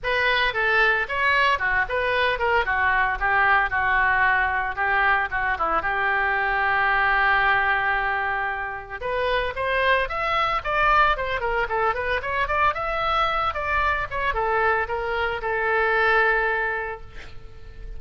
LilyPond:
\new Staff \with { instrumentName = "oboe" } { \time 4/4 \tempo 4 = 113 b'4 a'4 cis''4 fis'8 b'8~ | b'8 ais'8 fis'4 g'4 fis'4~ | fis'4 g'4 fis'8 e'8 g'4~ | g'1~ |
g'4 b'4 c''4 e''4 | d''4 c''8 ais'8 a'8 b'8 cis''8 d''8 | e''4. d''4 cis''8 a'4 | ais'4 a'2. | }